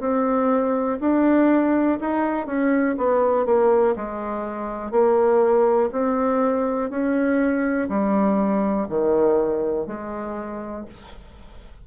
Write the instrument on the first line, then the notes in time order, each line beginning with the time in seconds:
bassoon
0.00 C4
1.00 D4
2.00 D#4
2.46 C#4
2.97 B3
3.46 A#3
3.96 G#3
4.91 A#3
5.92 C4
6.90 C#4
7.89 G3
8.88 D#3
9.87 G#3